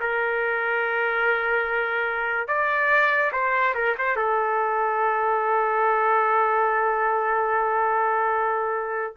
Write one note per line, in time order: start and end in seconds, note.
0.00 2.48 A#4
2.48 3.31 D5
3.32 3.74 C5
3.75 3.95 A#4
3.98 4.16 C5
4.16 9.16 A4